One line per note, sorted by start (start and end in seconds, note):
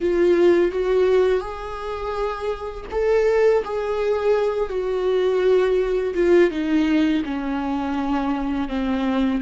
0.00 0.71 F4
0.71 1.40 F#4
1.40 2.85 G#4
2.91 3.63 A4
3.64 4.69 G#4
4.69 6.13 F#4
6.14 6.50 F4
6.50 7.23 D#4
7.25 8.68 C#4
8.68 9.40 C4